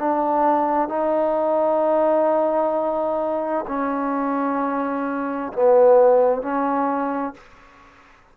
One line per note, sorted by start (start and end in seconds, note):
0.00 0.89 D4
0.89 3.66 D#4
3.68 5.53 C#4
5.53 6.42 B3
6.42 7.35 C#4